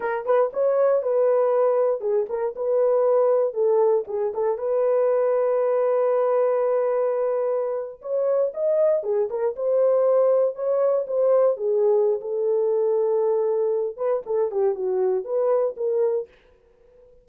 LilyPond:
\new Staff \with { instrumentName = "horn" } { \time 4/4 \tempo 4 = 118 ais'8 b'8 cis''4 b'2 | gis'8 ais'8 b'2 a'4 | gis'8 a'8 b'2.~ | b'2.~ b'8. cis''16~ |
cis''8. dis''4 gis'8 ais'8 c''4~ c''16~ | c''8. cis''4 c''4 gis'4~ gis'16 | a'2.~ a'8 b'8 | a'8 g'8 fis'4 b'4 ais'4 | }